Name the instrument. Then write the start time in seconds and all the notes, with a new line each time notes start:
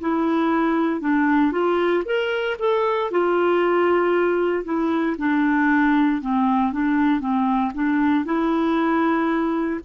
clarinet
0.00 E4
1.01 D4
1.52 F4
2.05 A#4
2.59 A4
3.11 F4
4.65 E4
5.18 D4
6.21 C4
6.72 D4
7.20 C4
7.74 D4
8.25 E4